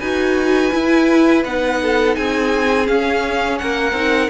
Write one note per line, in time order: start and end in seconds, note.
0.00 0.72 D#4
0.00 0.72 F#4
0.00 1.79 B4
0.00 1.43 G#5
0.72 1.44 E4
0.72 1.45 E4
1.44 2.17 B3
1.44 2.85 D#4
1.44 2.15 F#5
1.82 2.17 A4
2.15 2.89 C4
2.15 3.60 G#4
2.15 2.87 G#5
2.85 3.92 C#4
2.85 3.60 C#4
2.85 3.58 F5
3.58 3.92 A#3
3.58 4.30 A#4
3.58 4.30 F#5
3.92 4.28 C4
3.92 4.30 D#4